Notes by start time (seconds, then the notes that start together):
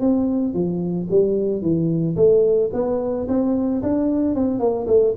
0.00 C4
0.53 F3
1.10 G3
1.61 E3
2.16 A3
2.73 B3
3.28 C4
3.82 D4
4.35 C4
4.59 A#3
4.87 A3